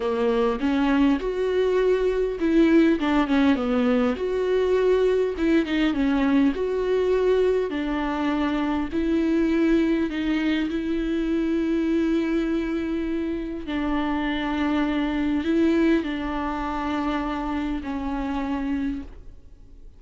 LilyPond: \new Staff \with { instrumentName = "viola" } { \time 4/4 \tempo 4 = 101 ais4 cis'4 fis'2 | e'4 d'8 cis'8 b4 fis'4~ | fis'4 e'8 dis'8 cis'4 fis'4~ | fis'4 d'2 e'4~ |
e'4 dis'4 e'2~ | e'2. d'4~ | d'2 e'4 d'4~ | d'2 cis'2 | }